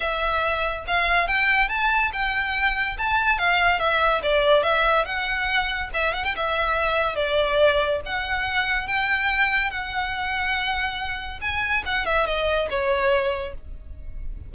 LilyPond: \new Staff \with { instrumentName = "violin" } { \time 4/4 \tempo 4 = 142 e''2 f''4 g''4 | a''4 g''2 a''4 | f''4 e''4 d''4 e''4 | fis''2 e''8 fis''16 g''16 e''4~ |
e''4 d''2 fis''4~ | fis''4 g''2 fis''4~ | fis''2. gis''4 | fis''8 e''8 dis''4 cis''2 | }